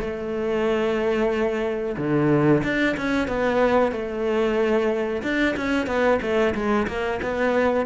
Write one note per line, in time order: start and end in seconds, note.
0.00 1.96 A3
1.97 2.63 D3
2.63 2.96 D4
2.97 3.28 C#4
3.28 3.91 B3
3.91 5.22 A3
5.22 5.55 D4
5.56 5.86 C#4
5.86 6.19 B3
6.21 6.54 A3
6.54 6.87 G#3
6.87 7.20 A#3
7.22 7.86 B3